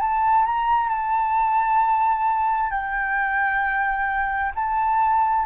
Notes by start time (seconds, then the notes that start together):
0.00 A5
0.45 A#5
0.89 A5
2.71 G5
4.55 A5